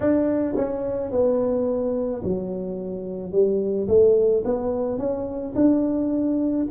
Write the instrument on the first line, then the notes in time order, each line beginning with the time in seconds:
tuba
0.00 D4
0.56 C#4
1.11 B3
2.23 F#3
3.32 G3
3.88 A3
4.44 B3
4.98 C#4
5.55 D4